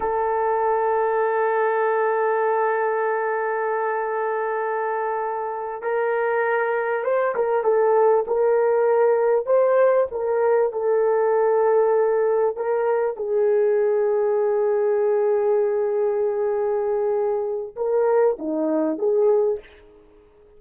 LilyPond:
\new Staff \with { instrumentName = "horn" } { \time 4/4 \tempo 4 = 98 a'1~ | a'1~ | a'4. ais'2 c''8 | ais'8 a'4 ais'2 c''8~ |
c''8 ais'4 a'2~ a'8~ | a'8 ais'4 gis'2~ gis'8~ | gis'1~ | gis'4 ais'4 dis'4 gis'4 | }